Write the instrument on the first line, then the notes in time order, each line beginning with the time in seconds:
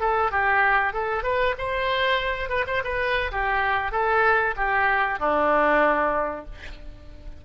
oboe
0.00 A4
0.31 G4
0.93 A4
1.23 B4
1.58 C5
2.49 B4
2.67 C5
2.84 B4
3.32 G4
3.92 A4
4.56 G4
5.19 D4